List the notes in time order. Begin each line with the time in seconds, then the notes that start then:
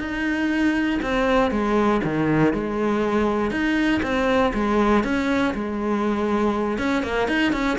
0.00 D#4
1.02 C4
1.51 G#3
2.04 D#3
2.54 G#3
3.51 D#4
4.03 C4
4.54 G#3
5.04 C#4
5.54 G#3
6.78 C#4
7.03 A#3
7.28 D#4
7.52 C#4